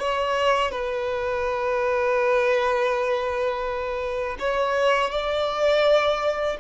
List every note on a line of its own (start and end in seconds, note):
0.00 0.72 C#5
0.72 4.37 B4
4.40 5.11 C#5
5.11 6.57 D5